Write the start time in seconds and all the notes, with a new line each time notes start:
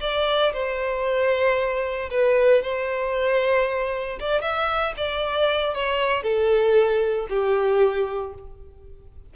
0.00 D5
0.53 C5
2.10 B4
2.62 C5
4.20 D5
4.41 E5
4.97 D5
5.74 C#5
6.23 A4
7.29 G4